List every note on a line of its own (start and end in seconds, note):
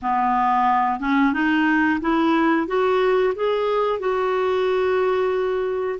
0.02 1.00 B3
1.00 1.33 C#4
1.33 2.00 D#4
2.00 2.67 E4
2.67 3.34 F#4
3.35 3.98 G#4
3.98 5.98 F#4